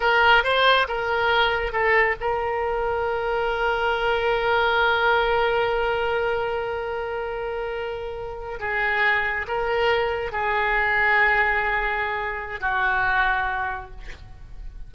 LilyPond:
\new Staff \with { instrumentName = "oboe" } { \time 4/4 \tempo 4 = 138 ais'4 c''4 ais'2 | a'4 ais'2.~ | ais'1~ | ais'1~ |
ais'2.~ ais'8. gis'16~ | gis'4.~ gis'16 ais'2 gis'16~ | gis'1~ | gis'4 fis'2. | }